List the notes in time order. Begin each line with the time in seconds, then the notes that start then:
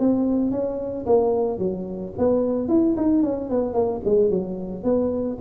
0.00 C4
0.52 C#4
1.07 A#3
1.59 F#3
2.18 B3
2.69 E4
2.98 D#4
3.23 C#4
3.50 B3
3.74 A#3
4.05 G#3
4.30 F#3
4.84 B3